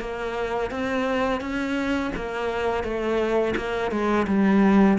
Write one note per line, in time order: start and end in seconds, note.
0.00 0.71 A#3
0.71 1.40 C4
1.40 2.11 C#4
2.15 2.83 A#3
2.83 3.54 A3
3.56 3.91 A#3
3.91 4.26 G#3
4.27 4.98 G3